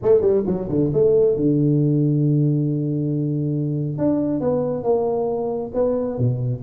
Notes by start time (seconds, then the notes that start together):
0.02 A3
0.21 G3
0.46 F#3
0.69 D3
0.93 A3
1.36 D3
3.97 D4
4.40 B3
4.83 A#3
5.74 B3
6.18 B2